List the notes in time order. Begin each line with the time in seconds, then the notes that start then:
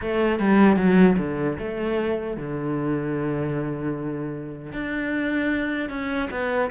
0.01 A3
0.39 G3
0.76 F#3
1.18 D3
1.58 A3
2.36 D3
4.72 D4
5.89 C#4
6.31 B3